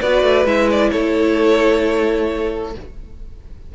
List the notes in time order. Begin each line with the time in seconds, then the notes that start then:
0.00 B3 F#4 B4 D5
0.22 A3
0.45 G#3 E4 E5
0.71 D5
0.91 A3 A4 C#5